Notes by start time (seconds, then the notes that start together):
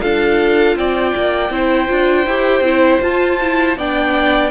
0.00 D4 F4 A4 F5
0.76 C4 D5 G5
1.15 A#3
1.49 C4 E4 C5
1.88 D4 F4
2.26 E4 G4
2.60 C4 E4
3.00 F4 A5
3.41 E4
3.76 B3 D4 D5 G5